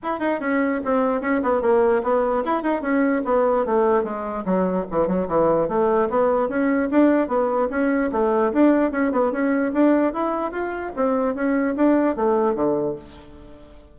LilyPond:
\new Staff \with { instrumentName = "bassoon" } { \time 4/4 \tempo 4 = 148 e'8 dis'8 cis'4 c'4 cis'8 b8 | ais4 b4 e'8 dis'8 cis'4 | b4 a4 gis4 fis4 | e8 fis8 e4 a4 b4 |
cis'4 d'4 b4 cis'4 | a4 d'4 cis'8 b8 cis'4 | d'4 e'4 f'4 c'4 | cis'4 d'4 a4 d4 | }